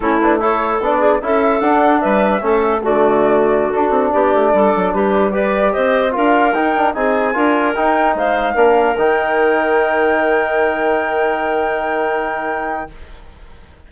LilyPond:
<<
  \new Staff \with { instrumentName = "flute" } { \time 4/4 \tempo 4 = 149 a'8 b'8 cis''4 d''4 e''4 | fis''4 e''2 d''4~ | d''4~ d''16 a'4 d''4.~ d''16~ | d''16 b'4 d''4 dis''4 f''8.~ |
f''16 g''4 gis''2 g''8.~ | g''16 f''2 g''4.~ g''16~ | g''1~ | g''1 | }
  \new Staff \with { instrumentName = "clarinet" } { \time 4/4 e'4 a'4. gis'8 a'4~ | a'4 b'4 a'4 fis'4~ | fis'2~ fis'16 g'4 a'8.~ | a'16 g'4 b'4 c''4 ais'8.~ |
ais'4~ ais'16 gis'4 ais'4.~ ais'16~ | ais'16 c''4 ais'2~ ais'8.~ | ais'1~ | ais'1 | }
  \new Staff \with { instrumentName = "trombone" } { \time 4/4 cis'8 d'8 e'4 d'4 e'4 | d'2 cis'4 a4~ | a4~ a16 d'2~ d'8.~ | d'4~ d'16 g'2 f'8.~ |
f'16 dis'8 d'8 dis'4 f'4 dis'8.~ | dis'4~ dis'16 d'4 dis'4.~ dis'16~ | dis'1~ | dis'1 | }
  \new Staff \with { instrumentName = "bassoon" } { \time 4/4 a2 b4 cis'4 | d'4 g4 a4 d4~ | d4~ d16 d'8 c'8 b8 a8 g8 fis16~ | fis16 g2 c'4 d'8.~ |
d'16 dis'4 c'4 d'4 dis'8.~ | dis'16 gis4 ais4 dis4.~ dis16~ | dis1~ | dis1 | }
>>